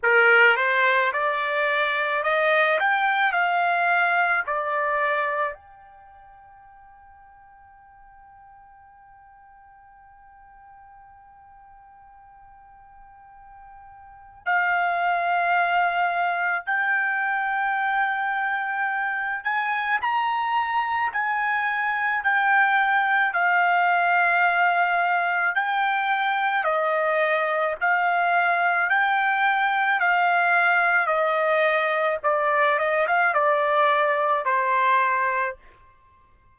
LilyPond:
\new Staff \with { instrumentName = "trumpet" } { \time 4/4 \tempo 4 = 54 ais'8 c''8 d''4 dis''8 g''8 f''4 | d''4 g''2.~ | g''1~ | g''4 f''2 g''4~ |
g''4. gis''8 ais''4 gis''4 | g''4 f''2 g''4 | dis''4 f''4 g''4 f''4 | dis''4 d''8 dis''16 f''16 d''4 c''4 | }